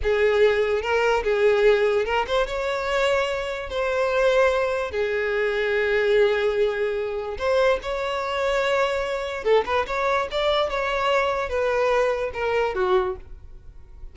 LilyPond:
\new Staff \with { instrumentName = "violin" } { \time 4/4 \tempo 4 = 146 gis'2 ais'4 gis'4~ | gis'4 ais'8 c''8 cis''2~ | cis''4 c''2. | gis'1~ |
gis'2 c''4 cis''4~ | cis''2. a'8 b'8 | cis''4 d''4 cis''2 | b'2 ais'4 fis'4 | }